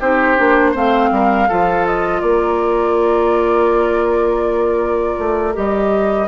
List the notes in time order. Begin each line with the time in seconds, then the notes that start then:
0.00 C4 D#4 G4 C5
0.37 A#3 D4
0.71 A3 C4 C5 F5
1.11 G3 A#4
1.48 F3 F4 A4
1.86 D#5
2.20 A#3 A#4 D5
5.18 A3
5.53 G3 G4 D#5